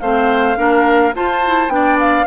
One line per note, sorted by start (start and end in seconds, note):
0.00 0.57 A3
0.00 0.57 C4
0.00 0.58 C5
0.00 1.13 F5
0.57 1.14 A#3
0.57 1.13 D4
0.57 1.15 A#4
1.15 1.43 F4
1.15 1.68 F4
1.15 1.73 C5
1.15 1.69 A5
1.46 1.69 E4
1.68 2.25 B3
1.68 2.26 D4
1.68 1.98 G5
1.75 2.27 D5
2.00 2.27 F5